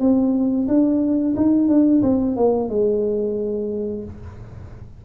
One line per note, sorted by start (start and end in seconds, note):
0.00 0.67 C4
0.68 1.35 D4
1.36 1.68 D#4
1.68 2.02 D4
2.03 2.36 C4
2.36 2.69 A#3
2.69 4.04 G#3